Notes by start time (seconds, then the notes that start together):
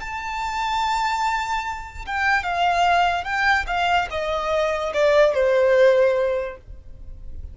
0.00 A5
2.06 G5
2.43 F5
3.24 G5
3.67 F5
4.10 D#5
4.94 D5
5.34 C5